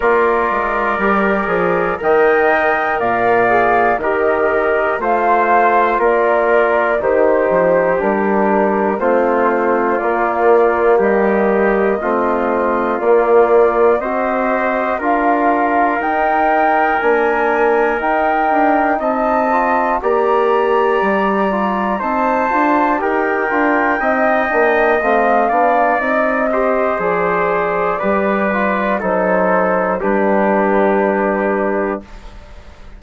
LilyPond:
<<
  \new Staff \with { instrumentName = "flute" } { \time 4/4 \tempo 4 = 60 d''2 g''4 f''4 | dis''4 f''4 d''4 c''4 | ais'4 c''4 d''4 dis''4~ | dis''4 d''4 dis''4 f''4 |
g''4 gis''4 g''4 a''4 | ais''2 a''4 g''4~ | g''4 f''4 dis''4 d''4~ | d''4 c''4 b'2 | }
  \new Staff \with { instrumentName = "trumpet" } { \time 4/4 ais'2 dis''4 d''4 | ais'4 c''4 ais'4 g'4~ | g'4 f'2 g'4 | f'2 c''4 ais'4~ |
ais'2. dis''4 | d''2 c''4 ais'4 | dis''4. d''4 c''4. | b'4 a'4 g'2 | }
  \new Staff \with { instrumentName = "trombone" } { \time 4/4 f'4 g'8 gis'8 ais'4. gis'8 | g'4 f'2 dis'4 | d'4 c'4 ais2 | c'4 ais4 fis'4 f'4 |
dis'4 d'4 dis'4. f'8 | g'4. f'8 dis'8 f'8 g'8 f'8 | dis'8 d'8 c'8 d'8 dis'8 g'8 gis'4 | g'8 f'8 dis'4 d'2 | }
  \new Staff \with { instrumentName = "bassoon" } { \time 4/4 ais8 gis8 g8 f8 dis4 ais,4 | dis4 a4 ais4 dis8 f8 | g4 a4 ais4 g4 | a4 ais4 c'4 d'4 |
dis'4 ais4 dis'8 d'8 c'4 | ais4 g4 c'8 d'8 dis'8 d'8 | c'8 ais8 a8 b8 c'4 f4 | g4 fis4 g2 | }
>>